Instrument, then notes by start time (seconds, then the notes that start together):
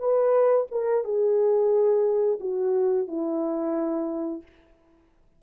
horn
0.00 B4
0.72 A#4
1.05 G#4
2.41 F#4
3.08 E4